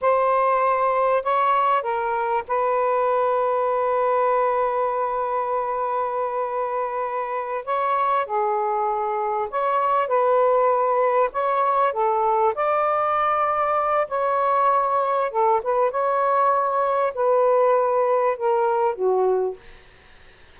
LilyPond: \new Staff \with { instrumentName = "saxophone" } { \time 4/4 \tempo 4 = 98 c''2 cis''4 ais'4 | b'1~ | b'1~ | b'8 cis''4 gis'2 cis''8~ |
cis''8 b'2 cis''4 a'8~ | a'8 d''2~ d''8 cis''4~ | cis''4 a'8 b'8 cis''2 | b'2 ais'4 fis'4 | }